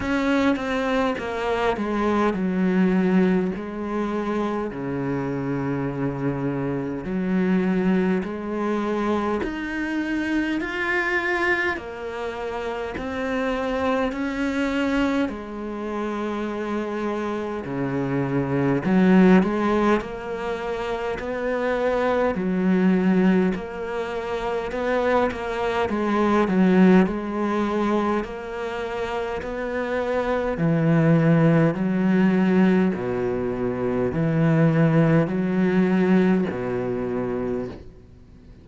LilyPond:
\new Staff \with { instrumentName = "cello" } { \time 4/4 \tempo 4 = 51 cis'8 c'8 ais8 gis8 fis4 gis4 | cis2 fis4 gis4 | dis'4 f'4 ais4 c'4 | cis'4 gis2 cis4 |
fis8 gis8 ais4 b4 fis4 | ais4 b8 ais8 gis8 fis8 gis4 | ais4 b4 e4 fis4 | b,4 e4 fis4 b,4 | }